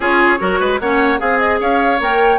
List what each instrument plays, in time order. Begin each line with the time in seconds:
0.00 bassoon C#4, clarinet F4, oboe G#4, flute C#5
0.38 bassoon F#3, clarinet F#4, oboe A#4
0.59 bassoon G#3, oboe B4
0.79 bassoon A#3, clarinet C#4, oboe C#5, flute F#5
1.18 bassoon C4, clarinet G#4, oboe G#4, flute F5
1.38 flute D#5
1.60 bassoon C#4, oboe C#5, flute F5
2.00 bassoon A#3, clarinet A#4, flute G5